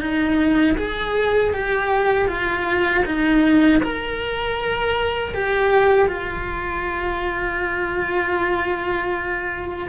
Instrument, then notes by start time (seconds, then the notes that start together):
cello
0.00 D#4
0.77 G#4
1.53 G4
2.28 F4
3.05 D#4
3.83 A#4
5.34 G4
6.08 F4